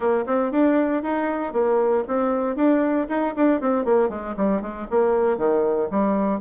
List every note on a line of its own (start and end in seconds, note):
0.00 0.24 A#3
0.26 0.51 C4
0.51 1.03 D4
1.03 1.52 D#4
1.52 2.03 A#3
2.07 2.55 C4
2.55 3.07 D4
3.08 3.34 D#4
3.36 3.60 D4
3.60 3.84 C4
3.84 4.09 A#3
4.09 4.34 G#3
4.36 4.61 G3
4.61 4.87 G#3
4.90 5.37 A#3
5.37 5.88 D#3
5.90 6.40 G3